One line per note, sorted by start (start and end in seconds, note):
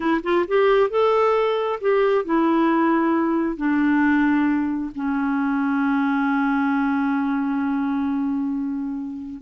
0.00 0.21 E4
0.23 0.45 F4
0.47 0.90 G4
0.90 1.79 A4
1.81 2.24 G4
2.24 3.57 E4
3.57 4.91 D4
4.95 9.42 C#4